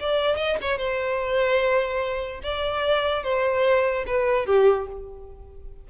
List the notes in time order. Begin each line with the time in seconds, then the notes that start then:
0.00 D5
0.37 D#5
0.62 C#5
0.78 C5
2.43 D5
3.23 C5
4.07 B4
4.46 G4